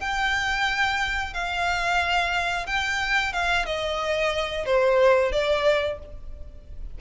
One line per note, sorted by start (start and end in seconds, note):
0.00 1.33 G5
1.34 2.66 F5
2.66 3.33 G5
3.33 3.65 F5
3.65 4.65 D#5
4.65 5.32 C5
5.32 5.99 D5